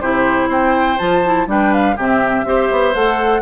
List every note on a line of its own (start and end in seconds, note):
0.00 0.48 C3
0.00 0.98 E4
0.00 0.49 G4
0.00 0.49 C5
0.48 0.97 C4
0.48 1.46 C5
0.48 0.98 G5
0.98 1.47 F3
0.98 1.22 F4
0.98 1.47 A5
1.25 1.47 E4
1.47 1.95 G3
1.47 1.95 D4
1.47 1.96 B4
1.47 1.73 G5
1.73 1.97 F5
1.96 2.44 C3
1.96 2.45 C4
1.96 2.44 G4
1.96 2.94 E5
2.44 2.69 C4
2.44 2.94 G4
2.44 3.41 C5
2.71 2.94 B3
2.94 3.41 A3
2.94 3.41 A4
2.94 3.41 F#5